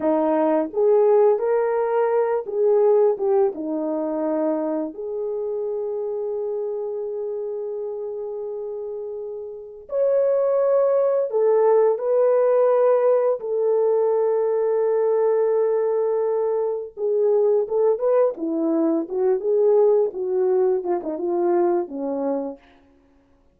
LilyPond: \new Staff \with { instrumentName = "horn" } { \time 4/4 \tempo 4 = 85 dis'4 gis'4 ais'4. gis'8~ | gis'8 g'8 dis'2 gis'4~ | gis'1~ | gis'2 cis''2 |
a'4 b'2 a'4~ | a'1 | gis'4 a'8 b'8 e'4 fis'8 gis'8~ | gis'8 fis'4 f'16 dis'16 f'4 cis'4 | }